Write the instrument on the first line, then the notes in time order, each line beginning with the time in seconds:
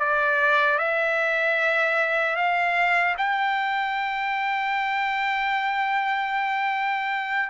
trumpet
0.00 D5
0.79 E5
2.36 F5
3.18 G5